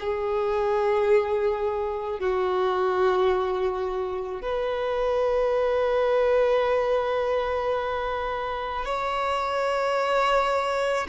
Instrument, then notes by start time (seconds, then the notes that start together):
violin
0.00 G#4
2.20 F#4
4.42 B4
8.85 C#5